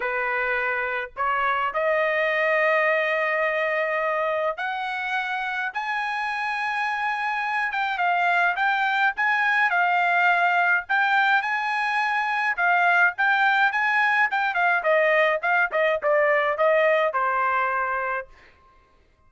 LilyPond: \new Staff \with { instrumentName = "trumpet" } { \time 4/4 \tempo 4 = 105 b'2 cis''4 dis''4~ | dis''1 | fis''2 gis''2~ | gis''4. g''8 f''4 g''4 |
gis''4 f''2 g''4 | gis''2 f''4 g''4 | gis''4 g''8 f''8 dis''4 f''8 dis''8 | d''4 dis''4 c''2 | }